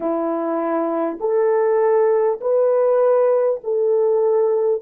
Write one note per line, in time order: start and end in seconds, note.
0.00 1.18 E4
1.20 2.40 A4
2.40 3.60 B4
3.63 4.82 A4